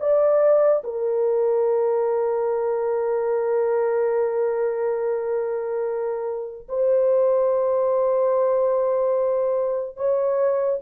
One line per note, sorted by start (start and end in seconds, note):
0.00 0.83 D5
0.84 6.67 A#4
6.69 9.97 C5
9.97 10.80 C#5